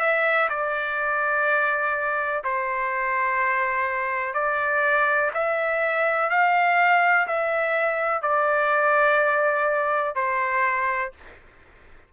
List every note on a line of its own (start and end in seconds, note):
0.00 0.48 E5
0.49 2.42 D5
2.44 4.34 C5
4.34 5.30 D5
5.34 6.30 E5
6.30 7.27 F5
7.27 8.22 E5
8.22 10.15 D5
10.15 11.12 C5